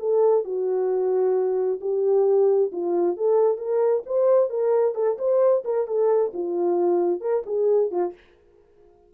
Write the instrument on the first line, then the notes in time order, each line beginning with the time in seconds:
horn
0.00 A4
0.45 F#4
1.81 G4
2.73 F4
3.17 A4
3.58 A#4
4.06 C5
4.50 A#4
4.95 A4
5.19 C5
5.65 A#4
5.87 A4
6.34 F4
7.21 A#4
7.46 G#4
7.92 F4